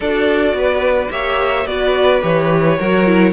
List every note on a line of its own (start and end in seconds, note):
0.00 0.53 D4
0.00 1.10 F#4
0.00 0.54 A4
0.00 1.11 D5
0.53 1.08 B3
0.53 1.12 B4
1.10 1.65 A#3
1.10 1.66 G4
1.10 1.67 C#5
1.10 1.66 E5
1.65 2.21 B3
1.65 2.21 F#4
1.65 2.78 B4
1.65 2.22 D5
2.21 2.78 E3
2.21 2.77 G4
2.21 3.32 C#5
2.78 3.32 F#3
2.78 3.06 F#4
2.78 3.32 A#4
3.06 3.32 E4